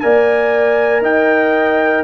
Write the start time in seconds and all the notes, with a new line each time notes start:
0.00 A#3 A#4 D5 G#5
1.01 D#4 D#5 G5